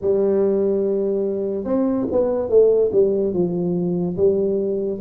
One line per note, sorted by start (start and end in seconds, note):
0.01 1.64 G3
1.64 2.06 C4
2.11 2.48 B3
2.48 2.90 A3
2.92 3.33 G3
3.33 4.16 F3
4.16 5.00 G3